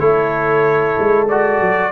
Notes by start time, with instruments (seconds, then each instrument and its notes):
0.00 tuba A3, trombone E4, horn A4, trumpet C#5
0.99 tuba G#3
1.29 trombone F#4, trumpet D5
1.61 tuba F#3